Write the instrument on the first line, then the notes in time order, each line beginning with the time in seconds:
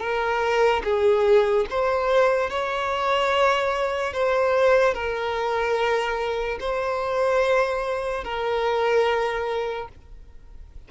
violin
0.00 A#4
0.84 G#4
1.70 C5
2.50 C#5
4.13 C5
4.94 A#4
6.60 C5
8.24 A#4